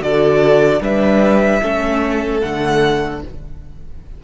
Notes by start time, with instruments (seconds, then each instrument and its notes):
0.00 cello D3, viola F#4, violin A4 D5
0.81 cello G3, viola D4, violin B4 E5
1.63 cello A3, viola C#4, violin A4
2.40 cello D3, viola A3, violin F#5